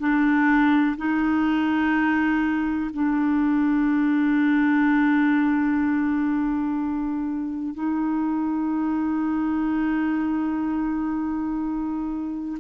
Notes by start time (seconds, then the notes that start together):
0.00 D4
0.98 D#4
2.94 D4
7.75 D#4